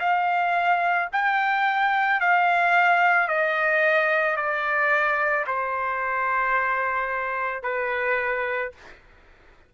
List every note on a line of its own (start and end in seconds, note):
0.00 1.09 F5
1.13 2.21 G5
2.21 3.28 F5
3.28 4.37 D#5
4.37 5.46 D5
5.47 7.63 C5
7.63 8.72 B4